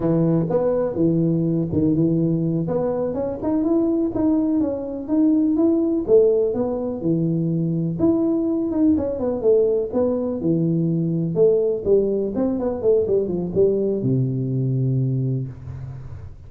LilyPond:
\new Staff \with { instrumentName = "tuba" } { \time 4/4 \tempo 4 = 124 e4 b4 e4. dis8 | e4. b4 cis'8 dis'8 e'8~ | e'8 dis'4 cis'4 dis'4 e'8~ | e'8 a4 b4 e4.~ |
e8 e'4. dis'8 cis'8 b8 a8~ | a8 b4 e2 a8~ | a8 g4 c'8 b8 a8 g8 f8 | g4 c2. | }